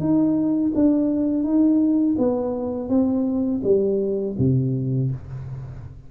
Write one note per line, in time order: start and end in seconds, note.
0.00 0.72 D#4
0.75 1.44 D4
1.44 2.16 D#4
2.19 2.89 B3
2.89 3.61 C4
3.64 4.36 G3
4.39 5.11 C3